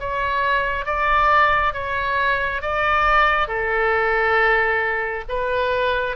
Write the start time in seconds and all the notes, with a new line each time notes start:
0.00 C#5
0.85 D5
1.74 C#5
2.62 D5
3.48 A4
5.29 B4